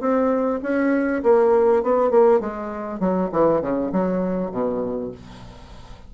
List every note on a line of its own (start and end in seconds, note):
0.00 0.60 C4
0.62 1.22 C#4
1.22 1.83 A#3
1.83 2.10 B3
2.10 2.40 A#3
2.40 2.99 G#3
2.99 3.29 F#3
3.32 3.61 E3
3.61 3.91 C#3
3.92 4.51 F#3
4.51 5.11 B2